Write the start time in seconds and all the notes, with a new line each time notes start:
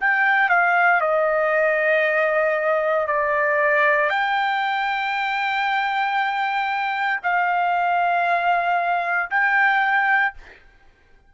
0.00 G5
0.49 F5
1.01 D#5
3.07 D5
4.09 G5
7.23 F5
9.30 G5